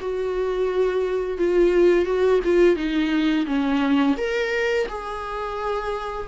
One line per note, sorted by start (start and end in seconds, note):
0.00 1.38 F#4
1.38 2.05 F4
2.05 2.40 F#4
2.44 2.76 F4
2.76 3.46 D#4
3.46 4.15 C#4
4.17 4.87 A#4
4.88 6.28 G#4